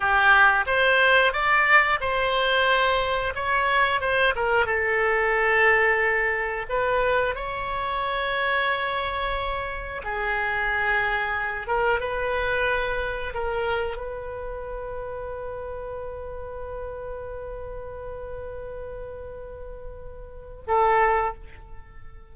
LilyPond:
\new Staff \with { instrumentName = "oboe" } { \time 4/4 \tempo 4 = 90 g'4 c''4 d''4 c''4~ | c''4 cis''4 c''8 ais'8 a'4~ | a'2 b'4 cis''4~ | cis''2. gis'4~ |
gis'4. ais'8 b'2 | ais'4 b'2.~ | b'1~ | b'2. a'4 | }